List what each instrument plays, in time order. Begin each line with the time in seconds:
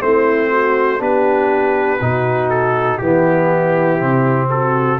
0.00 tuba A3, trombone C4, horn E4, trumpet C5
0.50 horn F#4
0.99 tuba B3, trombone D4, horn G4, trumpet B4
2.00 tuba B2, trombone D#4, horn F#4
2.50 trumpet A4
2.98 tuba E3, trombone B3, horn E4, trumpet G4
3.99 tuba C3, trombone C4
4.50 horn F#4, trumpet A4